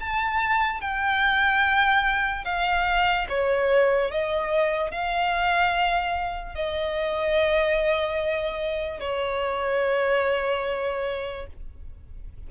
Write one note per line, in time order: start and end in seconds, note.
0.00 0.81 A5
0.81 2.44 G5
2.44 3.27 F5
3.29 4.11 C#5
4.11 4.91 D#5
4.91 6.55 F5
6.55 9.00 D#5
9.00 11.46 C#5